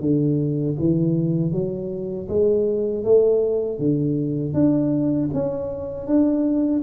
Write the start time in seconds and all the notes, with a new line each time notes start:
0.00 D3
0.78 E3
1.52 F#3
2.28 G#3
3.03 A3
3.78 D3
4.54 D4
5.33 C#4
6.07 D4